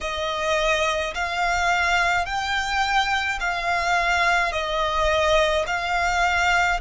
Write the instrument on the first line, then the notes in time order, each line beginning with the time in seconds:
violin
0.00 D#5
1.14 F5
2.25 G5
3.40 F5
4.51 D#5
5.66 F5